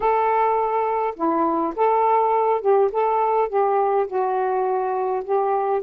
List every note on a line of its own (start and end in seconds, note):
0.00 1.14 A4
1.15 1.73 E4
1.76 2.61 A4
2.61 2.90 G4
2.92 3.48 A4
3.48 4.06 G4
4.07 5.23 F#4
5.23 5.82 G4